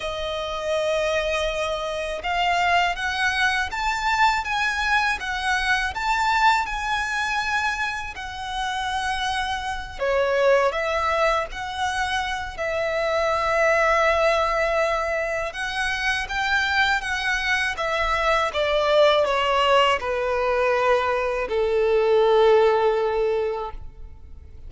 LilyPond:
\new Staff \with { instrumentName = "violin" } { \time 4/4 \tempo 4 = 81 dis''2. f''4 | fis''4 a''4 gis''4 fis''4 | a''4 gis''2 fis''4~ | fis''4. cis''4 e''4 fis''8~ |
fis''4 e''2.~ | e''4 fis''4 g''4 fis''4 | e''4 d''4 cis''4 b'4~ | b'4 a'2. | }